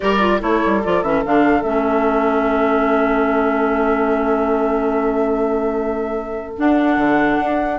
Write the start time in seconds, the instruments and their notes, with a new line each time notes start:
0.00 bassoon G3, clarinet G4, oboe A#4, flute D5
0.19 clarinet F4
0.39 bassoon A3, clarinet E4, oboe A4, flute C#5
0.65 bassoon G3
0.83 bassoon F3, clarinet F4, flute D5
1.02 bassoon E3, clarinet C#4, flute E5
1.25 bassoon D3, clarinet D4, flute F5
1.62 bassoon A3, clarinet C#4, flute E5
6.56 clarinet D4, bassoon D4, flute F#5
6.97 bassoon D3
7.39 bassoon D4